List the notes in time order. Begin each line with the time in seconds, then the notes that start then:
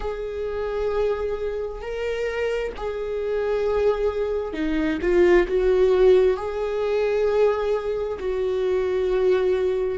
0.00 G#4
1.81 A#4
2.76 G#4
4.53 D#4
5.01 F4
5.47 F#4
6.36 G#4
8.19 F#4